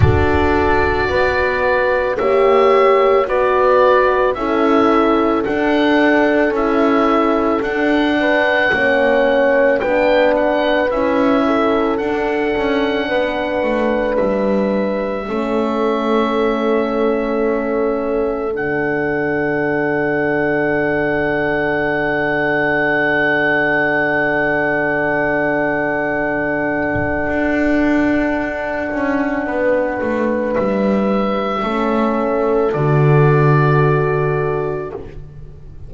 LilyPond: <<
  \new Staff \with { instrumentName = "oboe" } { \time 4/4 \tempo 4 = 55 d''2 e''4 d''4 | e''4 fis''4 e''4 fis''4~ | fis''4 g''8 fis''8 e''4 fis''4~ | fis''4 e''2.~ |
e''4 fis''2.~ | fis''1~ | fis''1 | e''2 d''2 | }
  \new Staff \with { instrumentName = "horn" } { \time 4/4 a'4 b'4 cis''4 b'4 | a'2.~ a'8 b'8 | cis''4 b'4. a'4. | b'2 a'2~ |
a'1~ | a'1~ | a'2. b'4~ | b'4 a'2. | }
  \new Staff \with { instrumentName = "horn" } { \time 4/4 fis'2 g'4 fis'4 | e'4 d'4 e'4 d'4 | cis'4 d'4 e'4 d'4~ | d'2 cis'2~ |
cis'4 d'2.~ | d'1~ | d'1~ | d'4 cis'4 fis'2 | }
  \new Staff \with { instrumentName = "double bass" } { \time 4/4 d'4 b4 ais4 b4 | cis'4 d'4 cis'4 d'4 | ais4 b4 cis'4 d'8 cis'8 | b8 a8 g4 a2~ |
a4 d2.~ | d1~ | d4 d'4. cis'8 b8 a8 | g4 a4 d2 | }
>>